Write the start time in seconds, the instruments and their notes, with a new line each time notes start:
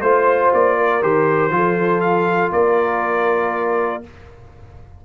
0.00 tuba A3, trombone F4, trumpet C5, horn C5
0.53 tuba A#3, trumpet D5
0.77 horn A#4
1.01 tuba D#3, trombone G4, trumpet C5
1.50 tuba F3, trombone F4, horn A4
2.00 trumpet F5
2.51 tuba A#3, horn A#4, trumpet D5